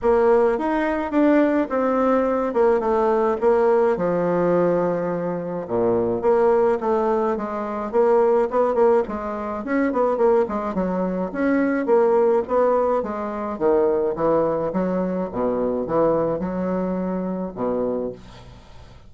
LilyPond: \new Staff \with { instrumentName = "bassoon" } { \time 4/4 \tempo 4 = 106 ais4 dis'4 d'4 c'4~ | c'8 ais8 a4 ais4 f4~ | f2 ais,4 ais4 | a4 gis4 ais4 b8 ais8 |
gis4 cis'8 b8 ais8 gis8 fis4 | cis'4 ais4 b4 gis4 | dis4 e4 fis4 b,4 | e4 fis2 b,4 | }